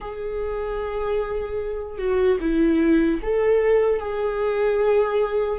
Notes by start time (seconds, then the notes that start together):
0.00 G#4
1.98 F#4
2.40 E4
3.22 A4
3.99 G#4